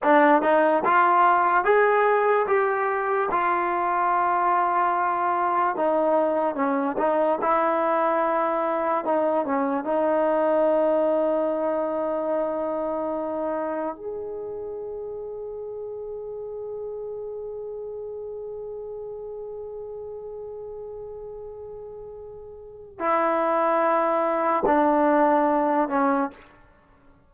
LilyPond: \new Staff \with { instrumentName = "trombone" } { \time 4/4 \tempo 4 = 73 d'8 dis'8 f'4 gis'4 g'4 | f'2. dis'4 | cis'8 dis'8 e'2 dis'8 cis'8 | dis'1~ |
dis'4 gis'2.~ | gis'1~ | gis'1 | e'2 d'4. cis'8 | }